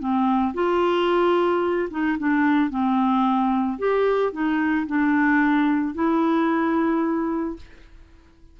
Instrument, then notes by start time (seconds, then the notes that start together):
clarinet
0.00 C4
0.54 F4
1.91 D#4
2.19 D4
2.70 C4
3.79 G4
4.33 D#4
4.87 D4
5.95 E4